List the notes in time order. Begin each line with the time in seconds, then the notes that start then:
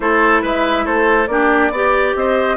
0.00 A3 E4 A4 C5
0.41 G#3 B4 E5
0.85 A3 A4 C5
1.27 A#3 D4 G4 D5
1.70 B3 G4 D5
2.15 C4 C5 D#5